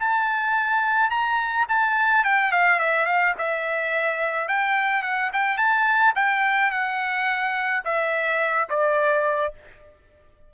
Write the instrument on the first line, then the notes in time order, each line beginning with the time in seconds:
trumpet
0.00 A5
1.10 A#5
1.69 A5
2.25 G5
2.52 F5
2.80 E5
3.06 F5
3.38 E5
4.49 G5
5.03 F#5
5.33 G5
5.58 A5
6.16 G5
6.71 F#5
7.85 E5
8.69 D5